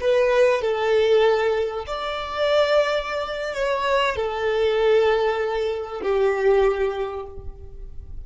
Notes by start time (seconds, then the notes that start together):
0.00 B4
0.61 A4
1.86 D5
3.54 C#5
4.16 A4
6.02 G4